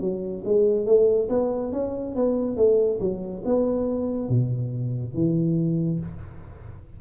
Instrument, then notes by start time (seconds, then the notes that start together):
tuba
0.00 F#3
0.44 G#3
0.85 A3
1.29 B3
1.72 C#4
2.15 B3
2.56 A3
3.00 F#3
3.45 B3
4.29 B2
5.14 E3